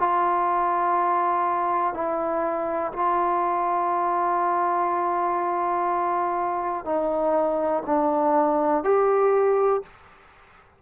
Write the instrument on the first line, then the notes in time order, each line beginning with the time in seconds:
trombone
0.00 F4
1.94 E4
2.93 F4
6.85 D#4
7.86 D4
8.84 G4